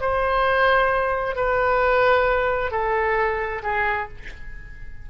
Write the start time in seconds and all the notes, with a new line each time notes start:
0.00 C5
1.35 B4
2.71 A4
3.62 G#4